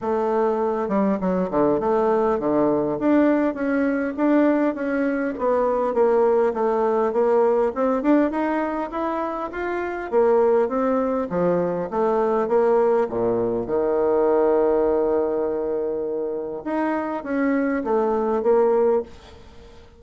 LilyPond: \new Staff \with { instrumentName = "bassoon" } { \time 4/4 \tempo 4 = 101 a4. g8 fis8 d8 a4 | d4 d'4 cis'4 d'4 | cis'4 b4 ais4 a4 | ais4 c'8 d'8 dis'4 e'4 |
f'4 ais4 c'4 f4 | a4 ais4 ais,4 dis4~ | dis1 | dis'4 cis'4 a4 ais4 | }